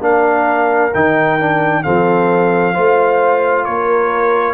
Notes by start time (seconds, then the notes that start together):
0.00 A#3 D4 A#4 F5
0.94 D#3 D#4 G5
1.40 D4
1.84 F3 C4 A4 F5
2.74 A3 F4 C5
3.65 A#3 A#4 C#5